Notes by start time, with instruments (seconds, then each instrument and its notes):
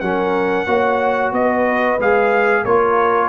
0.00 tuba F#3, trombone C#4, horn A#4, trumpet F#5
0.66 tuba A#3, trombone F#4, horn C#5
1.32 tuba B3, horn B4, trumpet D#5
1.98 tuba G#3, trombone G#4, trumpet F5
2.62 tuba A#3, trombone F4, horn A#4, trumpet C#5